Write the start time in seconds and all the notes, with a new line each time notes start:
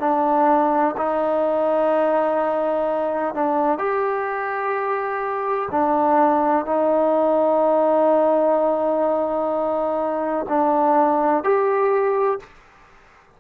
0.00 D4
0.97 D#4
3.35 D4
3.78 G4
5.71 D4
6.65 D#4
10.48 D4
11.44 G4